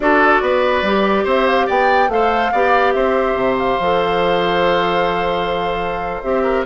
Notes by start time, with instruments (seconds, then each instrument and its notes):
0.00 bassoon D4, clarinet F#4, oboe A4, flute D5
0.41 bassoon B3, oboe B4
0.82 bassoon G3, clarinet G4
1.24 bassoon C4, oboe C5, flute E5
1.47 flute F5
1.66 bassoon B3, oboe D5, flute G5
2.08 bassoon A3, clarinet A4, oboe C5, flute F5
2.51 bassoon B3, clarinet G4, oboe D5
2.92 bassoon C4, oboe C5, flute E5
3.33 bassoon C3
3.57 flute F5
3.79 bassoon F3, clarinet A4
6.22 bassoon C4, clarinet G4, flute E5
6.43 oboe A#4